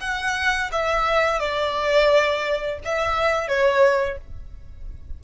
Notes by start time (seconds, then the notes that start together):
0.00 F#5
0.72 E5
1.39 D5
2.84 E5
3.47 C#5